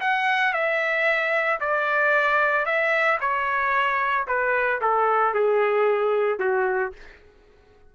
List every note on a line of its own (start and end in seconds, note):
0.00 0.53 F#5
0.53 1.59 E5
1.60 2.65 D5
2.65 3.18 E5
3.20 4.26 C#5
4.27 4.80 B4
4.81 5.34 A4
5.34 6.39 G#4
6.39 6.92 F#4